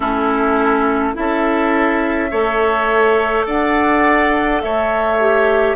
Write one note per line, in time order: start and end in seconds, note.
0.00 1.15 A3
0.00 1.14 C#4
0.00 1.13 E4
0.00 1.15 A4
1.14 2.32 C#4
1.14 2.29 E4
1.14 2.31 A4
1.14 3.46 E5
2.31 3.46 A3
2.31 5.19 A4
2.31 3.46 C#5
3.46 4.62 D4
3.46 4.61 D5
3.46 4.61 F#5
4.61 5.75 A3
4.61 5.75 C#5
4.61 5.75 E5
5.20 5.75 G4